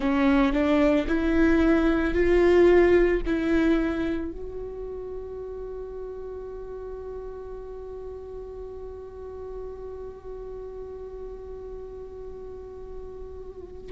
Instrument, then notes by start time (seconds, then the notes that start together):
viola
0.00 C#4
0.53 D4
1.07 E4
2.14 F4
3.25 E4
4.31 F#4